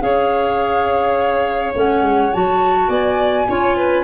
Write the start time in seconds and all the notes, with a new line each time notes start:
0.00 C#4 G#4 C#5 F5
1.75 A3 C#4 F#5
2.01 G#3
2.33 F#3 F#4 A5
2.88 B3 D5 G#5
3.48 C#4 F4 C#5
3.76 B4